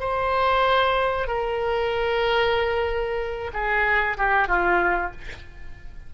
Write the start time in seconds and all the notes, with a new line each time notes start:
0.00 C5
1.28 A#4
3.53 G#4
4.18 G4
4.48 F4